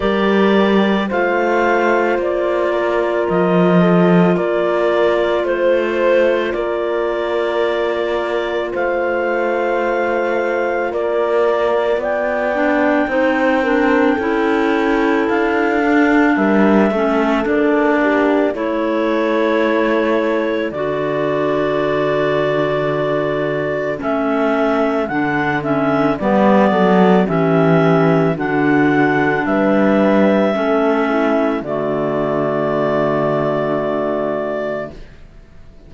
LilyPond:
<<
  \new Staff \with { instrumentName = "clarinet" } { \time 4/4 \tempo 4 = 55 d''4 f''4 d''4 dis''4 | d''4 c''4 d''2 | f''2 d''4 g''4~ | g''2 f''4 e''4 |
d''4 cis''2 d''4~ | d''2 e''4 fis''8 e''8 | d''4 e''4 fis''4 e''4~ | e''4 d''2. | }
  \new Staff \with { instrumentName = "horn" } { \time 4/4 ais'4 c''4. ais'4 a'8 | ais'4 c''4 ais'2 | c''2 ais'4 d''4 | c''8 ais'8 a'2 ais'8 a'8~ |
a'8 g'8 a'2.~ | a'1 | b'8 a'8 g'4 fis'4 b'4 | a'8 e'8 fis'2. | }
  \new Staff \with { instrumentName = "clarinet" } { \time 4/4 g'4 f'2.~ | f'1~ | f'2.~ f'8 d'8 | dis'8 d'8 e'4. d'4 cis'8 |
d'4 e'2 fis'4~ | fis'2 cis'4 d'8 cis'8 | b4 cis'4 d'2 | cis'4 a2. | }
  \new Staff \with { instrumentName = "cello" } { \time 4/4 g4 a4 ais4 f4 | ais4 a4 ais2 | a2 ais4 b4 | c'4 cis'4 d'4 g8 a8 |
ais4 a2 d4~ | d2 a4 d4 | g8 fis8 e4 d4 g4 | a4 d2. | }
>>